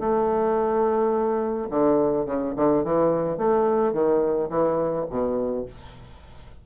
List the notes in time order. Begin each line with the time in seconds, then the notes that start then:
0.00 A3
1.70 D3
2.26 C#3
2.56 D3
2.84 E3
3.38 A3
3.93 D#3
4.50 E3
5.10 B2